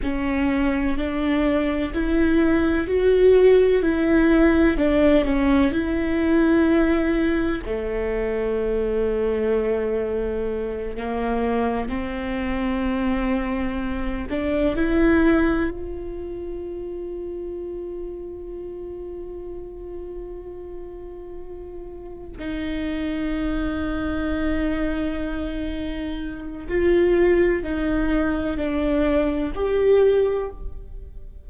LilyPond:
\new Staff \with { instrumentName = "viola" } { \time 4/4 \tempo 4 = 63 cis'4 d'4 e'4 fis'4 | e'4 d'8 cis'8 e'2 | a2.~ a8 ais8~ | ais8 c'2~ c'8 d'8 e'8~ |
e'8 f'2.~ f'8~ | f'2.~ f'8 dis'8~ | dis'1 | f'4 dis'4 d'4 g'4 | }